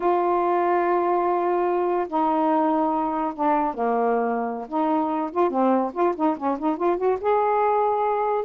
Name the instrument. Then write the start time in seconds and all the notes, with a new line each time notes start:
saxophone
0.00 F4
2.08 D#4
3.34 D4
3.73 A#3
4.68 D#4
5.31 F4
5.50 C4
5.93 F4
6.16 D#4
6.37 C#4
6.58 D#4
6.77 F4
6.97 F#4
7.20 G#4